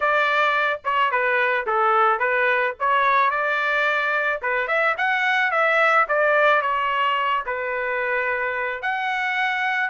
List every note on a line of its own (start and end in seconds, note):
0.00 0.80 D5
0.84 1.11 C#5
1.11 1.66 B4
1.66 2.19 A4
2.19 2.74 B4
2.79 3.30 C#5
3.30 4.40 D5
4.42 4.67 B4
4.67 4.95 E5
4.97 5.51 F#5
5.51 6.06 E5
6.08 6.61 D5
6.61 7.44 C#5
7.46 8.82 B4
8.82 9.89 F#5